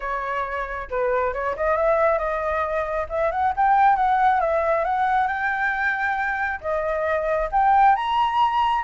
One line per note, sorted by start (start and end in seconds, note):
0.00 0.88 C#5
0.90 1.33 B4
1.33 1.55 C#5
1.56 1.76 D#5
1.76 2.18 E5
2.18 3.06 D#5
3.09 3.31 E5
3.31 3.53 F#5
3.56 3.96 G5
3.96 4.40 F#5
4.40 4.84 E5
4.84 5.27 F#5
5.27 6.60 G5
6.61 7.49 D#5
7.51 7.95 G5
7.95 8.84 A#5